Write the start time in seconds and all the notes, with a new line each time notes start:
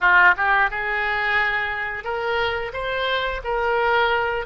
0.00 F4
0.36 G4
0.70 G#4
2.03 A#4
2.73 C5
3.44 A#4